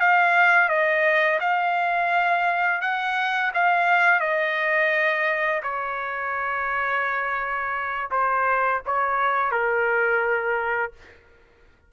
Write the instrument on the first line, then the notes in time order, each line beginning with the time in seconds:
trumpet
0.00 F5
0.69 D#5
1.40 F5
2.81 F#5
3.54 F5
4.20 D#5
5.63 C#5
8.11 C5
8.86 C#5
9.51 A#4